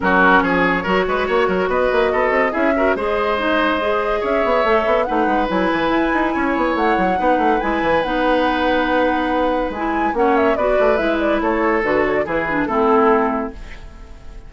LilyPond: <<
  \new Staff \with { instrumentName = "flute" } { \time 4/4 \tempo 4 = 142 ais'4 cis''2. | dis''2 e''4 dis''4~ | dis''2 e''2 | fis''4 gis''2. |
fis''2 gis''4 fis''4~ | fis''2. gis''4 | fis''8 e''8 d''4 e''8 d''8 cis''4 | b'8 cis''16 d''16 b'4 a'2 | }
  \new Staff \with { instrumentName = "oboe" } { \time 4/4 fis'4 gis'4 ais'8 b'8 cis''8 ais'8 | b'4 a'4 gis'8 ais'8 c''4~ | c''2 cis''2 | b'2. cis''4~ |
cis''4 b'2.~ | b'1 | cis''4 b'2 a'4~ | a'4 gis'4 e'2 | }
  \new Staff \with { instrumentName = "clarinet" } { \time 4/4 cis'2 fis'2~ | fis'2 e'8 fis'8 gis'4 | dis'4 gis'2 a'4 | dis'4 e'2.~ |
e'4 dis'4 e'4 dis'4~ | dis'2. e'4 | cis'4 fis'4 e'2 | fis'4 e'8 d'8 c'2 | }
  \new Staff \with { instrumentName = "bassoon" } { \time 4/4 fis4 f4 fis8 gis8 ais8 fis8 | b8 ais8 b8 c'8 cis'4 gis4~ | gis2 cis'8 b8 a8 b8 | a8 gis8 fis8 e8 e'8 dis'8 cis'8 b8 |
a8 fis8 b8 a8 gis8 e8 b4~ | b2. gis4 | ais4 b8 a8 gis4 a4 | d4 e4 a2 | }
>>